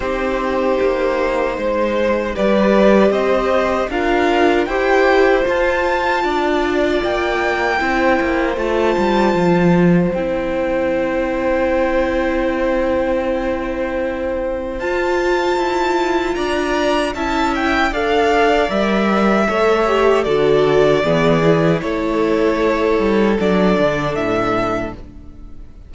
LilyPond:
<<
  \new Staff \with { instrumentName = "violin" } { \time 4/4 \tempo 4 = 77 c''2. d''4 | dis''4 f''4 g''4 a''4~ | a''4 g''2 a''4~ | a''4 g''2.~ |
g''2. a''4~ | a''4 ais''4 a''8 g''8 f''4 | e''2 d''2 | cis''2 d''4 e''4 | }
  \new Staff \with { instrumentName = "violin" } { \time 4/4 g'2 c''4 b'4 | c''4 ais'4 c''2 | d''2 c''2~ | c''1~ |
c''1~ | c''4 d''4 e''4 d''4~ | d''4 cis''4 a'4 gis'4 | a'1 | }
  \new Staff \with { instrumentName = "viola" } { \time 4/4 dis'2. g'4~ | g'4 f'4 g'4 f'4~ | f'2 e'4 f'4~ | f'4 e'2.~ |
e'2. f'4~ | f'2 e'4 a'4 | ais'4 a'8 g'8 fis'4 b8 e'8~ | e'2 d'2 | }
  \new Staff \with { instrumentName = "cello" } { \time 4/4 c'4 ais4 gis4 g4 | c'4 d'4 e'4 f'4 | d'4 ais4 c'8 ais8 a8 g8 | f4 c'2.~ |
c'2. f'4 | e'4 d'4 cis'4 d'4 | g4 a4 d4 e4 | a4. g8 fis8 d8 a,4 | }
>>